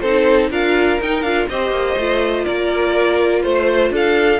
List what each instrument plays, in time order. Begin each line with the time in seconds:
0.00 cello C4, viola D#4, violin A4 C5
0.50 cello D4, viola F4, violin A#4 F5
1.00 cello D#4, viola D#4, violin G5
1.22 cello D4, viola F4, violin F5
1.49 cello C4, viola G4, violin C5 D#5
1.71 cello A#3
1.97 cello A3, viola F4
2.44 cello A#3, violin A#4 D5
3.43 cello A3, violin C5
3.90 cello D4, violin A4 F5